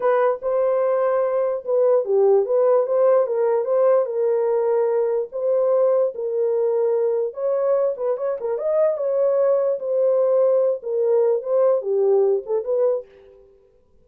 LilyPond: \new Staff \with { instrumentName = "horn" } { \time 4/4 \tempo 4 = 147 b'4 c''2. | b'4 g'4 b'4 c''4 | ais'4 c''4 ais'2~ | ais'4 c''2 ais'4~ |
ais'2 cis''4. b'8 | cis''8 ais'8 dis''4 cis''2 | c''2~ c''8 ais'4. | c''4 g'4. a'8 b'4 | }